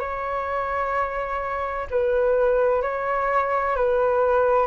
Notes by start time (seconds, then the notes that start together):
0.00 C#5
1.91 B4
2.83 C#5
3.76 B4